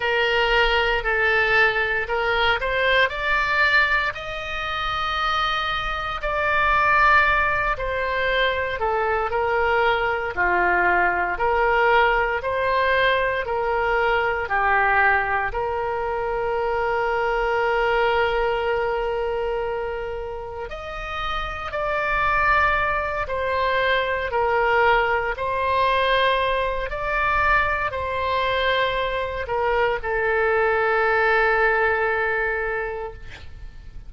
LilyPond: \new Staff \with { instrumentName = "oboe" } { \time 4/4 \tempo 4 = 58 ais'4 a'4 ais'8 c''8 d''4 | dis''2 d''4. c''8~ | c''8 a'8 ais'4 f'4 ais'4 | c''4 ais'4 g'4 ais'4~ |
ais'1 | dis''4 d''4. c''4 ais'8~ | ais'8 c''4. d''4 c''4~ | c''8 ais'8 a'2. | }